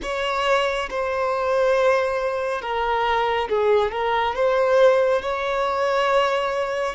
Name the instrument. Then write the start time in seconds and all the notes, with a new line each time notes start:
violin
0.02 C#5
0.89 C5
2.61 A#4
3.48 G#4
3.91 A#4
4.35 C5
5.22 C#5